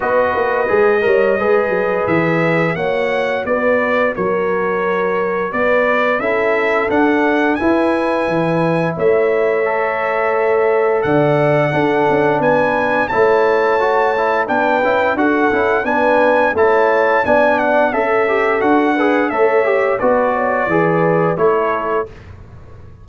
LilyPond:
<<
  \new Staff \with { instrumentName = "trumpet" } { \time 4/4 \tempo 4 = 87 dis''2. e''4 | fis''4 d''4 cis''2 | d''4 e''4 fis''4 gis''4~ | gis''4 e''2. |
fis''2 gis''4 a''4~ | a''4 g''4 fis''4 gis''4 | a''4 gis''8 fis''8 e''4 fis''4 | e''4 d''2 cis''4 | }
  \new Staff \with { instrumentName = "horn" } { \time 4/4 b'4. cis''8 b'2 | cis''4 b'4 ais'2 | b'4 a'2 b'4~ | b'4 cis''2. |
d''4 a'4 b'4 cis''4~ | cis''4 b'4 a'4 b'4 | cis''4 d''4 a'4. b'8 | cis''4 b'8 cis''8 b'4 a'4 | }
  \new Staff \with { instrumentName = "trombone" } { \time 4/4 fis'4 gis'8 ais'8 gis'2 | fis'1~ | fis'4 e'4 d'4 e'4~ | e'2 a'2~ |
a'4 d'2 e'4 | fis'8 e'8 d'8 e'8 fis'8 e'8 d'4 | e'4 d'4 a'8 g'8 fis'8 gis'8 | a'8 g'8 fis'4 gis'4 e'4 | }
  \new Staff \with { instrumentName = "tuba" } { \time 4/4 b8 ais8 gis8 g8 gis8 fis8 e4 | ais4 b4 fis2 | b4 cis'4 d'4 e'4 | e4 a2. |
d4 d'8 cis'8 b4 a4~ | a4 b8 cis'8 d'8 cis'8 b4 | a4 b4 cis'4 d'4 | a4 b4 e4 a4 | }
>>